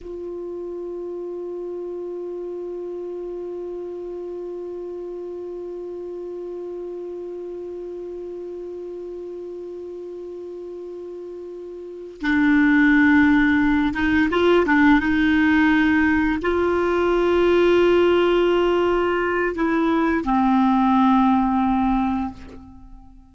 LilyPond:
\new Staff \with { instrumentName = "clarinet" } { \time 4/4 \tempo 4 = 86 f'1~ | f'1~ | f'1~ | f'1~ |
f'4. d'2~ d'8 | dis'8 f'8 d'8 dis'2 f'8~ | f'1 | e'4 c'2. | }